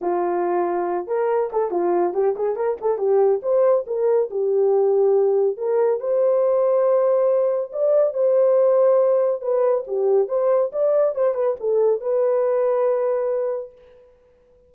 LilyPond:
\new Staff \with { instrumentName = "horn" } { \time 4/4 \tempo 4 = 140 f'2~ f'8 ais'4 a'8 | f'4 g'8 gis'8 ais'8 a'8 g'4 | c''4 ais'4 g'2~ | g'4 ais'4 c''2~ |
c''2 d''4 c''4~ | c''2 b'4 g'4 | c''4 d''4 c''8 b'8 a'4 | b'1 | }